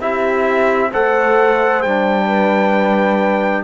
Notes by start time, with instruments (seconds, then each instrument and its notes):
0.00 cello C4, trombone E4, horn G4, trumpet E5
0.91 cello A3, trombone A4, horn C5, trumpet F#5
1.82 cello G3, trombone D4, trumpet G5
2.27 horn B4